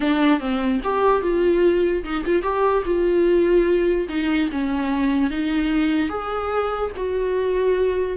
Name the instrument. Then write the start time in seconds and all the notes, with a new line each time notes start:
viola
0.00 D4
0.40 C4
0.83 G4
1.22 F4
2.04 D#4
2.25 F4
2.42 G4
2.85 F4
4.09 D#4
4.51 C#4
5.30 D#4
6.09 G#4
6.96 F#4